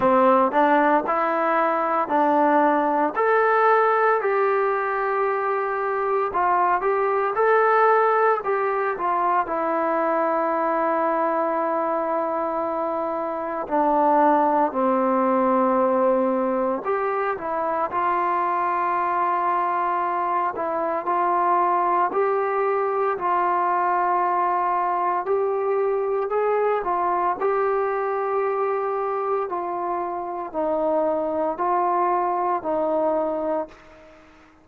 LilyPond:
\new Staff \with { instrumentName = "trombone" } { \time 4/4 \tempo 4 = 57 c'8 d'8 e'4 d'4 a'4 | g'2 f'8 g'8 a'4 | g'8 f'8 e'2.~ | e'4 d'4 c'2 |
g'8 e'8 f'2~ f'8 e'8 | f'4 g'4 f'2 | g'4 gis'8 f'8 g'2 | f'4 dis'4 f'4 dis'4 | }